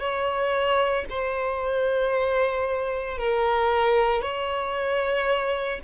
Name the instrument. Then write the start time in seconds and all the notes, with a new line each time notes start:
violin
0.00 C#5
1.10 C5
3.18 A#4
4.22 C#5